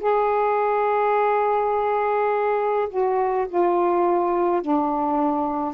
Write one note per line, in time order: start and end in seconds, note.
0.00 2.88 G#4
2.90 3.47 F#4
3.48 4.62 F4
4.62 5.74 D4